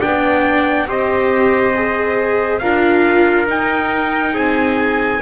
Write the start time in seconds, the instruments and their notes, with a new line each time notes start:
0.00 double bass B3, viola D4, trumpet D5 G5
0.87 double bass C4, viola G4, trumpet C5 D#5
1.75 viola G#4
2.59 double bass D4, viola F4, trumpet A#4 F5
3.47 viola D#4, double bass D#4, trumpet G5
4.34 double bass C4, trumpet G#4 G#5